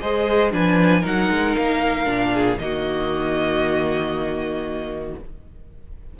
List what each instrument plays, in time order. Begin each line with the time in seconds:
0.00 cello G#3, viola G#4, violin C5 D#5
0.51 cello F3, viola D4, violin B4 G#5
1.01 cello F#3, viola D#4, violin A#4 F#5
1.30 cello G#3
1.56 cello A#3, violin F5
2.05 cello A#2, viola D4
2.33 violin G#4
2.57 cello D#3, viola A#3, violin F#4 D#5